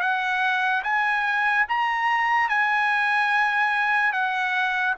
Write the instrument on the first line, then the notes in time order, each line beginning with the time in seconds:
trumpet
0.00 F#5
0.83 G#5
1.68 A#5
2.48 G#5
4.12 F#5